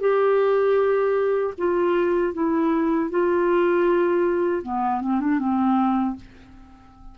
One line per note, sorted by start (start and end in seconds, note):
0.00 1.54 G4
1.57 2.33 F4
2.33 3.10 E4
3.10 4.63 F4
4.63 5.01 B3
5.01 5.20 C4
5.20 5.39 D4
5.39 6.16 C4